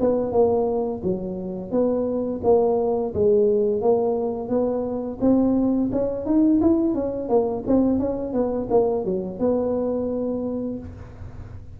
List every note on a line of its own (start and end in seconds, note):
0.00 0.32 B3
0.32 1.02 A#3
1.03 1.71 F#3
1.71 2.41 B3
2.44 3.13 A#3
3.14 3.82 G#3
3.82 4.49 A#3
4.49 5.18 B3
5.21 5.90 C4
5.92 6.25 C#4
6.25 6.60 D#4
6.61 6.94 E4
6.94 7.28 C#4
7.28 7.63 A#3
7.67 7.99 C4
7.99 8.33 C#4
8.33 8.68 B3
8.70 9.05 A#3
9.05 9.39 F#3
9.39 10.79 B3